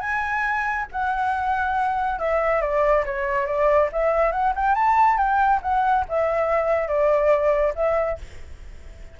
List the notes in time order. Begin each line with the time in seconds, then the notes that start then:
0.00 G#5
0.92 F#5
2.19 E5
2.61 D5
3.05 C#5
3.46 D5
3.92 E5
4.32 F#5
4.55 G5
4.75 A5
5.17 G5
5.62 F#5
6.08 E5
6.88 D5
7.75 E5